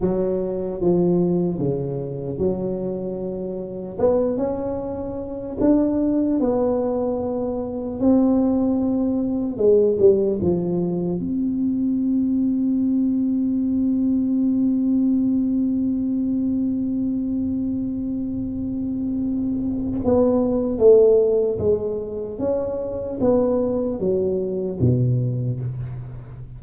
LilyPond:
\new Staff \with { instrumentName = "tuba" } { \time 4/4 \tempo 4 = 75 fis4 f4 cis4 fis4~ | fis4 b8 cis'4. d'4 | b2 c'2 | gis8 g8 f4 c'2~ |
c'1~ | c'1~ | c'4 b4 a4 gis4 | cis'4 b4 fis4 b,4 | }